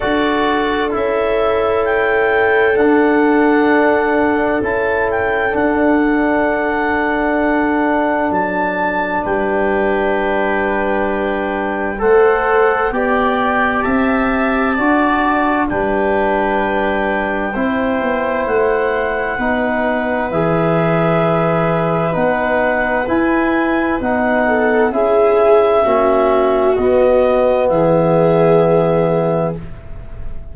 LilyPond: <<
  \new Staff \with { instrumentName = "clarinet" } { \time 4/4 \tempo 4 = 65 d''4 e''4 g''4 fis''4~ | fis''4 a''8 g''8 fis''2~ | fis''4 a''4 g''2~ | g''4 fis''4 g''4 a''4~ |
a''4 g''2. | fis''2 e''2 | fis''4 gis''4 fis''4 e''4~ | e''4 dis''4 e''2 | }
  \new Staff \with { instrumentName = "viola" } { \time 4/4 a'1~ | a'1~ | a'2 b'2~ | b'4 c''4 d''4 e''4 |
d''4 b'2 c''4~ | c''4 b'2.~ | b'2~ b'8 a'8 gis'4 | fis'2 gis'2 | }
  \new Staff \with { instrumentName = "trombone" } { \time 4/4 fis'4 e'2 d'4~ | d'4 e'4 d'2~ | d'1~ | d'4 a'4 g'2 |
fis'4 d'2 e'4~ | e'4 dis'4 gis'2 | dis'4 e'4 dis'4 e'4 | cis'4 b2. | }
  \new Staff \with { instrumentName = "tuba" } { \time 4/4 d'4 cis'2 d'4~ | d'4 cis'4 d'2~ | d'4 fis4 g2~ | g4 a4 b4 c'4 |
d'4 g2 c'8 b8 | a4 b4 e2 | b4 e'4 b4 cis'4 | ais4 b4 e2 | }
>>